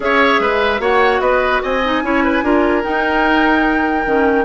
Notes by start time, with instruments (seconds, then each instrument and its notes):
0.00 bassoon C#4, clarinet G#4, oboe C#5, flute E5
0.39 bassoon G#3, oboe B4
0.79 bassoon A#3, clarinet F#4, oboe C#5, flute F#5
1.20 bassoon B3, oboe B4, flute D#5
1.62 bassoon C4, oboe D#5, flute G#5
1.84 clarinet D#4
2.02 bassoon C#4, clarinet E4, oboe C#5
2.24 oboe B4
2.42 bassoon D4, clarinet F4, oboe A#4
2.82 clarinet D#4, bassoon D#4, flute G5
4.06 bassoon D#3, clarinet C#4